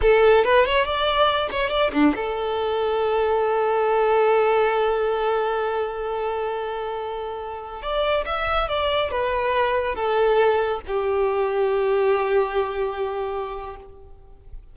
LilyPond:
\new Staff \with { instrumentName = "violin" } { \time 4/4 \tempo 4 = 140 a'4 b'8 cis''8 d''4. cis''8 | d''8 d'8 a'2.~ | a'1~ | a'1~ |
a'2~ a'16 d''4 e''8.~ | e''16 d''4 b'2 a'8.~ | a'4~ a'16 g'2~ g'8.~ | g'1 | }